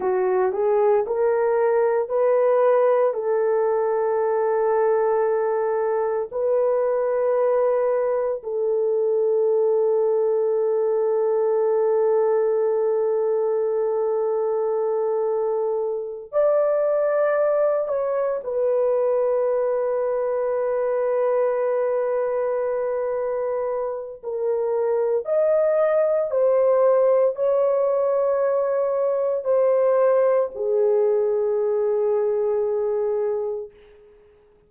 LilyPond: \new Staff \with { instrumentName = "horn" } { \time 4/4 \tempo 4 = 57 fis'8 gis'8 ais'4 b'4 a'4~ | a'2 b'2 | a'1~ | a'2.~ a'8 d''8~ |
d''4 cis''8 b'2~ b'8~ | b'2. ais'4 | dis''4 c''4 cis''2 | c''4 gis'2. | }